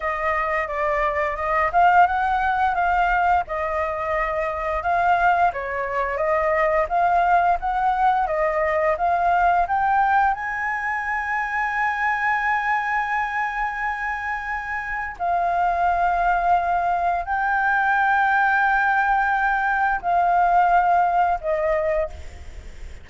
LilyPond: \new Staff \with { instrumentName = "flute" } { \time 4/4 \tempo 4 = 87 dis''4 d''4 dis''8 f''8 fis''4 | f''4 dis''2 f''4 | cis''4 dis''4 f''4 fis''4 | dis''4 f''4 g''4 gis''4~ |
gis''1~ | gis''2 f''2~ | f''4 g''2.~ | g''4 f''2 dis''4 | }